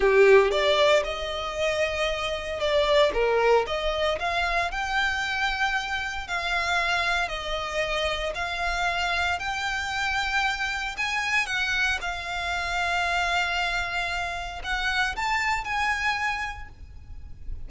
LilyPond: \new Staff \with { instrumentName = "violin" } { \time 4/4 \tempo 4 = 115 g'4 d''4 dis''2~ | dis''4 d''4 ais'4 dis''4 | f''4 g''2. | f''2 dis''2 |
f''2 g''2~ | g''4 gis''4 fis''4 f''4~ | f''1 | fis''4 a''4 gis''2 | }